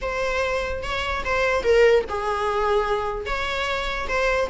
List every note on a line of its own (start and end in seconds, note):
0.01 0.82 C5
0.82 1.23 C#5
1.24 1.63 C5
1.63 2.04 A#4
2.09 3.26 G#4
3.26 4.07 C#5
4.08 4.49 C5